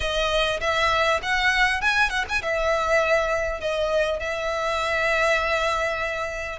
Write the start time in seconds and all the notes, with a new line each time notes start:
0.00 D#5
0.60 E5
1.22 F#5
1.81 G#5
2.09 F#5
2.28 G#5
2.42 E5
3.60 D#5
4.19 E5